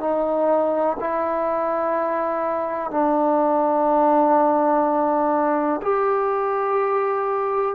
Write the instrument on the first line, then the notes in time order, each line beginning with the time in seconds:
trombone
0.00 D#4
1.00 E4
2.91 D4
5.82 G4